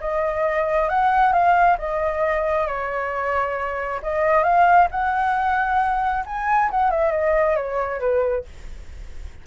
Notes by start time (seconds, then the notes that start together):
0.00 D#5
0.89 F#5
1.32 F5
1.78 D#5
2.67 C#5
4.02 D#5
4.43 F5
4.91 F#5
6.26 G#5
6.71 F#5
6.90 E5
7.11 D#5
7.56 C#5
8.00 B4